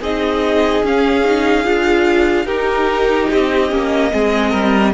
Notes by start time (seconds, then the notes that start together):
0.00 C4 D#4 G#4 D#5
0.84 C#4 F5
1.25 D#4
1.64 D4 F4
2.45 D#4 G4 A#4
3.32 C4 D#5
3.70 A#3 C#4
4.11 G#3 C4 G#4
4.50 G3 A#4